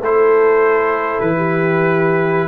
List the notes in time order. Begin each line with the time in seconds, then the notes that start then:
0.00 A3 E4 A4 C5
1.20 E3 B4
1.37 G4